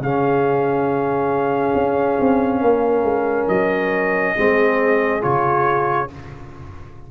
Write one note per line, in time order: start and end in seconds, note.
0.00 1.74 C#3
0.00 4.37 C#4
0.00 2.63 G#4
0.00 3.49 F5
1.76 2.19 C#4
2.20 2.62 C4
2.62 3.04 A#3
2.62 4.37 A#4
3.04 3.48 G#3
3.49 4.36 F#3
3.49 5.23 D#5
4.37 5.24 G#3
4.37 5.21 C4
4.37 6.11 G#4
5.21 6.11 C#3
5.21 6.08 F4
5.21 6.10 C#5